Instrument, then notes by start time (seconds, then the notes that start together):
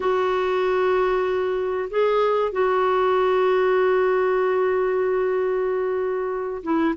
clarinet
0.00 F#4
1.90 G#4
2.51 F#4
6.63 E4